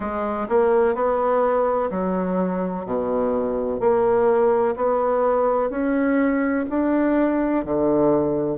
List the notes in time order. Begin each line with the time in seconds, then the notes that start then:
0.00 G#3
0.48 A#3
0.94 B3
1.90 F#3
2.85 B2
3.80 A#3
4.76 B3
5.70 C#4
6.69 D4
7.65 D3